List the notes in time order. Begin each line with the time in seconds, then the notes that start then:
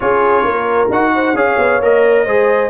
0.00 C#4 F4 G#4 C#5
0.43 A#3 A#4
0.90 D#4 F#4 F#5
1.14 C5
1.34 C#4 G#4 C#5 F5
1.58 B3
1.80 A#3 A#4 D#5
2.25 G#3 G#4 C5